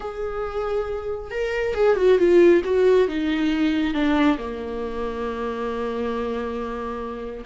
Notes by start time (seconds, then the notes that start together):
0.00 G#4
1.30 A#4
1.74 G#4
1.96 F#4
2.18 F4
2.64 F#4
3.08 D#4
3.93 D4
4.38 A#3